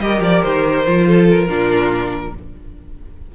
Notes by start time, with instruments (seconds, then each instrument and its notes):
0.00 cello G3, viola G4, violin A#4 D#5
0.21 cello F3, violin D5
0.43 cello D#3, violin C5
0.87 cello F3, viola F4
1.07 violin A4
1.30 violin A#4
1.48 cello A#2, viola D4, violin F4